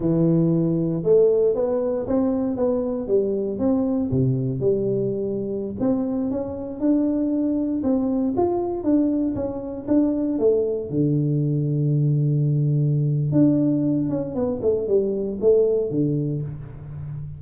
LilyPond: \new Staff \with { instrumentName = "tuba" } { \time 4/4 \tempo 4 = 117 e2 a4 b4 | c'4 b4 g4 c'4 | c4 g2~ g16 c'8.~ | c'16 cis'4 d'2 c'8.~ |
c'16 f'4 d'4 cis'4 d'8.~ | d'16 a4 d2~ d8.~ | d2 d'4. cis'8 | b8 a8 g4 a4 d4 | }